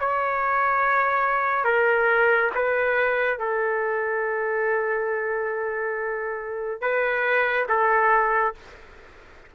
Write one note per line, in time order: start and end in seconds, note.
0.00 1.64 C#5
1.64 2.50 A#4
2.55 3.39 B4
3.39 6.81 A4
6.81 7.67 B4
7.69 8.55 A4